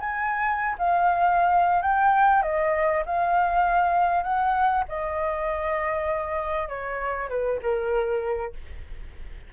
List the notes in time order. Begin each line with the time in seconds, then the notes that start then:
0.00 G#5
0.78 F5
1.82 G5
2.42 D#5
3.05 F5
4.23 F#5
4.88 D#5
6.68 C#5
7.29 B4
7.62 A#4